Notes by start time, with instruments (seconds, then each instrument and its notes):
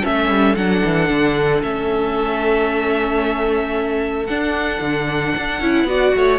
0.00 cello A3, viola C#4, violin A4 E5
0.29 cello G3
0.56 cello F#3, viola D4, violin F#5
0.85 cello E3
1.10 cello D3
1.62 cello A3, viola C#4, violin E5
4.26 cello D4, viola D4, violin F#5
4.81 cello D3
5.37 cello D4
5.61 cello C#4, viola E4
5.85 cello B3, viola F#4, violin D5
6.16 cello A3, violin C#5